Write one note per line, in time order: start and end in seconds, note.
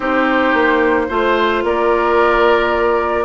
0.00 0.53 C4
0.00 1.09 D#4
0.00 1.06 G4
0.00 1.65 C5
0.53 1.08 A#3
1.08 1.63 A3
1.08 3.25 F4
1.08 1.63 C5
1.63 3.25 A#3
1.63 3.25 A#4
1.63 3.25 D5